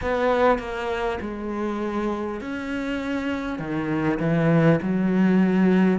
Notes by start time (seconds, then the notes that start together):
0.01 B3
0.58 A#3
1.21 G#3
2.40 C#4
3.58 D#3
4.19 E3
4.82 F#3